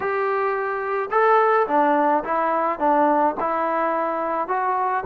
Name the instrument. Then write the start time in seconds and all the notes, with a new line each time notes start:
trombone
0.00 G4
1.11 A4
1.67 D4
2.24 E4
2.79 D4
3.40 E4
4.47 F#4